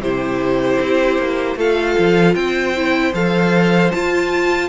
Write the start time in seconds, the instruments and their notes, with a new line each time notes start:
0.00 cello C3, viola E4, violin G4 C5
0.80 cello C4
1.18 cello A#3
1.56 cello A3, viola F4, violin A4 F5
1.98 cello F3
2.35 cello C4, violin C5 G5
2.75 viola E4
3.13 cello F3, viola A4, violin F5
3.91 viola F4, cello F4, violin A5